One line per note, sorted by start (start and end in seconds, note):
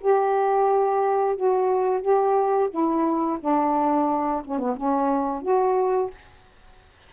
0.00 1.36 G4
1.36 2.01 F#4
2.01 2.69 G4
2.70 3.38 E4
3.40 4.42 D4
4.44 4.58 C#4
4.58 4.75 B3
4.76 5.42 C#4
5.42 6.10 F#4